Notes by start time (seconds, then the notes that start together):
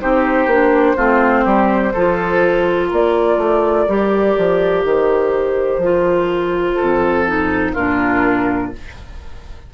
0.00 C4 D#4 G4 C5
0.47 A#3 D4
0.96 A3 C4 F4
1.45 G3 G4
1.94 F3 F4 A4
2.89 A#3 A#4 D5
3.38 A3
3.88 G3 G4
4.38 F3
4.84 D#3 C5
5.78 F3 F4
6.75 A4
6.82 F2
7.27 D#4
7.74 A#2 D4 F4 A#4